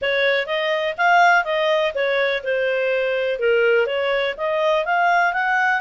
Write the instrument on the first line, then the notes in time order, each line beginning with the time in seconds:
clarinet
0.01 C#5
0.46 D#5
0.97 F5
1.44 D#5
1.94 C#5
2.43 C5
3.39 A#4
3.86 C#5
4.37 D#5
4.85 F5
5.33 F#5